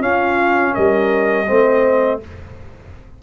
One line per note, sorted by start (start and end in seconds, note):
0.00 1.46 C#4
0.00 0.74 C#4
0.00 0.74 F4
0.00 0.75 F5
0.74 1.50 G3
0.74 1.47 A#4
0.74 2.21 D#5
1.47 2.23 A3
1.47 2.21 C4
1.47 2.20 C5